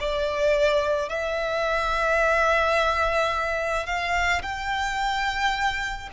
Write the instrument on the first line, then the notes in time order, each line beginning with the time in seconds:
violin
0.00 D5
1.09 E5
3.86 F5
4.42 G5